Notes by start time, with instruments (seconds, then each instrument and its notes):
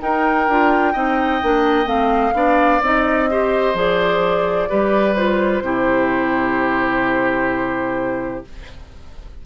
0.00 clarinet D#4, bassoon D#4, oboe A#4, flute G5
0.49 bassoon D4, clarinet F4
0.93 bassoon C4, clarinet D#4, oboe D#5
1.42 bassoon A#3, clarinet D4
1.86 bassoon A3, clarinet C4, flute F5
2.34 bassoon B3, clarinet D4, oboe D5
2.82 bassoon C4, clarinet D#4, flute D#5
3.30 clarinet G4, oboe C5
3.74 bassoon F3, clarinet G#4, flute D5
4.69 bassoon G3, clarinet G4, oboe B4
5.16 clarinet F4, flute C5
5.62 bassoon C3, clarinet E4, oboe G4